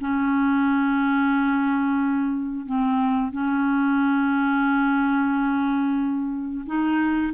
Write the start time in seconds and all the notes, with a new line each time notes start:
0.00 C#4
2.65 C4
3.32 C#4
6.66 D#4